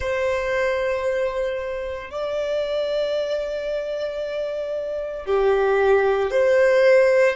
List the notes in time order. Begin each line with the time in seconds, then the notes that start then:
0.00 C5
2.10 D5
5.25 G4
6.31 C5